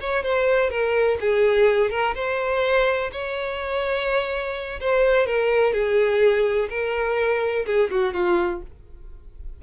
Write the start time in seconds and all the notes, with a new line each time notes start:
0.00 C#5
0.23 C5
0.70 A#4
1.20 G#4
1.90 A#4
2.14 C5
3.12 C#5
4.80 C5
5.26 A#4
5.73 G#4
6.69 A#4
7.66 G#4
7.90 F#4
8.13 F4